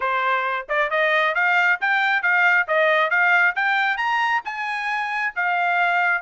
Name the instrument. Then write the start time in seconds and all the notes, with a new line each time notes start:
trumpet
0.00 C5
0.68 D5
0.90 D#5
1.34 F5
1.80 G5
2.22 F5
2.67 D#5
3.10 F5
3.55 G5
3.97 A#5
4.44 G#5
5.35 F5